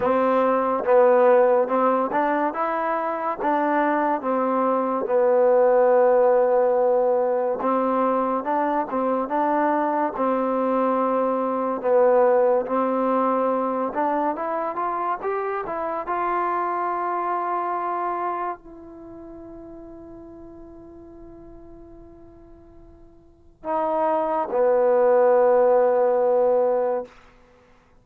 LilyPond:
\new Staff \with { instrumentName = "trombone" } { \time 4/4 \tempo 4 = 71 c'4 b4 c'8 d'8 e'4 | d'4 c'4 b2~ | b4 c'4 d'8 c'8 d'4 | c'2 b4 c'4~ |
c'8 d'8 e'8 f'8 g'8 e'8 f'4~ | f'2 e'2~ | e'1 | dis'4 b2. | }